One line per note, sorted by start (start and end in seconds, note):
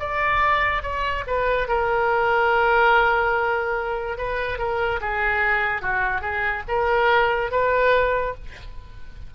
0.00 0.83 D5
0.83 1.24 C#5
1.27 1.68 B4
1.68 4.18 A#4
4.18 4.58 B4
4.58 5.00 A#4
5.01 5.82 G#4
5.82 6.22 F#4
6.22 6.63 G#4
6.69 7.52 A#4
7.52 8.35 B4